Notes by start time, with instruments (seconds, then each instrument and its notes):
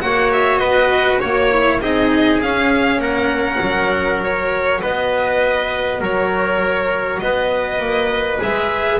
0.00 double bass A#3, cello F#4, trumpet C#5, violin F#5
0.32 violin E5
0.58 double bass B3, trumpet B4, violin D#5
1.20 double bass A#3, trumpet C#5, violin C#5
1.51 cello E4
1.81 double bass C4, cello D#4, trumpet G#4, violin D#5
2.42 cello C#4, double bass C#4, violin F5
2.98 double bass A#3, trumpet A#4, violin F#5
3.61 double bass F#3
4.22 cello F#4, violin C#5
4.81 double bass B3, trumpet B4, violin D#5
6.00 double bass F#3, trumpet A#4, violin C#5
7.19 double bass B3, trumpet B4, violin D#5
7.79 double bass A#3
8.39 double bass G#3, cello G#4, violin E5